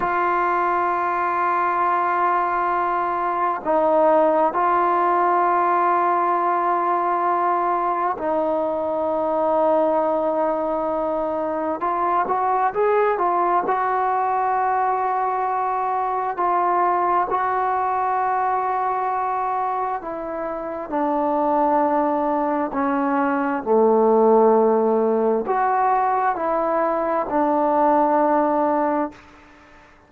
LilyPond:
\new Staff \with { instrumentName = "trombone" } { \time 4/4 \tempo 4 = 66 f'1 | dis'4 f'2.~ | f'4 dis'2.~ | dis'4 f'8 fis'8 gis'8 f'8 fis'4~ |
fis'2 f'4 fis'4~ | fis'2 e'4 d'4~ | d'4 cis'4 a2 | fis'4 e'4 d'2 | }